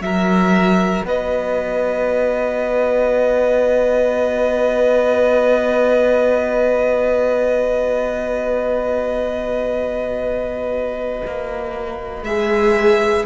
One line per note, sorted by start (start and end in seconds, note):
0.00 1.02 F#3
0.00 12.23 F#4
0.00 1.06 A#4
0.00 1.03 E5
1.05 11.22 B3
1.05 13.25 B4
1.05 12.24 D#5
11.26 12.22 A#3
12.22 13.24 G#3
12.22 13.25 G#4
12.22 13.25 E5